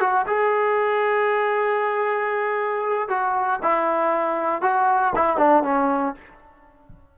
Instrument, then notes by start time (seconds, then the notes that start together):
trombone
0.00 F#4
0.27 G#4
3.08 F#4
3.62 E4
4.62 F#4
5.15 E4
5.37 D4
5.63 C#4